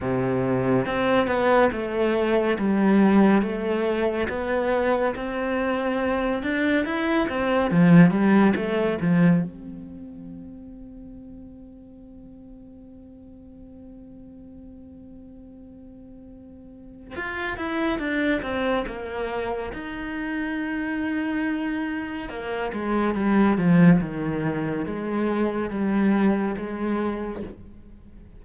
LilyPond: \new Staff \with { instrumentName = "cello" } { \time 4/4 \tempo 4 = 70 c4 c'8 b8 a4 g4 | a4 b4 c'4. d'8 | e'8 c'8 f8 g8 a8 f8 c'4~ | c'1~ |
c'1 | f'8 e'8 d'8 c'8 ais4 dis'4~ | dis'2 ais8 gis8 g8 f8 | dis4 gis4 g4 gis4 | }